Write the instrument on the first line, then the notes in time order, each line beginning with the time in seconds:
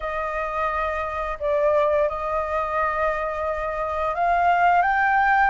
flute
0.00 D#5
1.39 D5
2.08 D#5
4.14 F5
4.82 G5